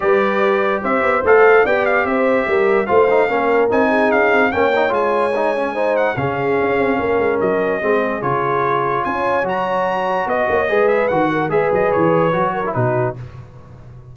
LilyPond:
<<
  \new Staff \with { instrumentName = "trumpet" } { \time 4/4 \tempo 4 = 146 d''2 e''4 f''4 | g''8 f''8 e''2 f''4~ | f''4 gis''4 f''4 g''4 | gis''2~ gis''8 fis''8 f''4~ |
f''2 dis''2 | cis''2 gis''4 ais''4~ | ais''4 dis''4. e''8 fis''4 | e''8 dis''8 cis''2 b'4 | }
  \new Staff \with { instrumentName = "horn" } { \time 4/4 b'2 c''2 | d''4 c''4 ais'4 c''4 | ais'4. gis'4. cis''4~ | cis''2 c''4 gis'4~ |
gis'4 ais'2 gis'4~ | gis'2 cis''2~ | cis''4 dis''8 cis''8 b'4. ais'8 | b'2~ b'8 ais'8 fis'4 | }
  \new Staff \with { instrumentName = "trombone" } { \time 4/4 g'2. a'4 | g'2. f'8 dis'8 | cis'4 dis'2 cis'8 dis'8 | f'4 dis'8 cis'8 dis'4 cis'4~ |
cis'2. c'4 | f'2. fis'4~ | fis'2 gis'4 fis'4 | gis'2 fis'8. e'16 dis'4 | }
  \new Staff \with { instrumentName = "tuba" } { \time 4/4 g2 c'8 b8 a4 | b4 c'4 g4 a4 | ais4 c'4 cis'8 c'8 ais4 | gis2. cis4 |
cis'8 c'8 ais8 gis8 fis4 gis4 | cis2 cis'4 fis4~ | fis4 b8 ais8 gis4 dis4 | gis8 fis8 e4 fis4 b,4 | }
>>